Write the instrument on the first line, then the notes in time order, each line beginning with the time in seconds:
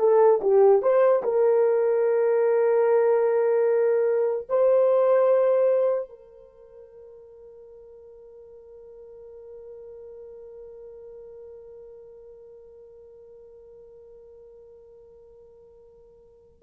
horn
0.00 A4
0.42 G4
0.83 C5
1.23 A#4
4.50 C5
6.10 A#4